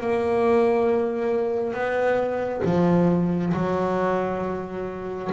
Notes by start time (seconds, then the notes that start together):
0.00 A#3
1.74 B3
2.65 F3
3.53 F#3